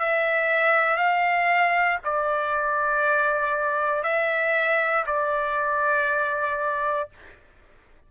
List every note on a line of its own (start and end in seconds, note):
0.00 0.97 E5
0.97 1.99 F5
2.04 4.04 D5
4.04 5.05 E5
5.07 7.10 D5